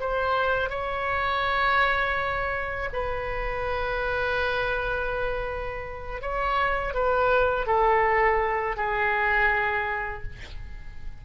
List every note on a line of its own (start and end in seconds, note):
0.00 0.70 C5
0.70 2.89 C#5
2.92 6.22 B4
6.22 6.94 C#5
6.94 7.66 B4
7.66 8.76 A4
8.76 10.22 G#4